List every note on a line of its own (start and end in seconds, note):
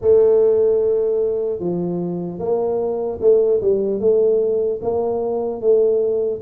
0.01 1.59 A3
1.59 2.39 F3
2.39 3.19 A#3
3.20 3.60 A3
3.61 4.00 G3
4.00 4.80 A3
4.81 5.61 A#3
5.61 6.41 A3